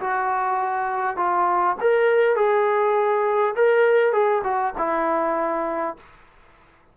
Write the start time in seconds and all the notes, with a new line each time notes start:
0.00 F#4
1.17 F4
1.81 A#4
2.36 G#4
3.56 A#4
4.12 G#4
4.44 F#4
4.77 E4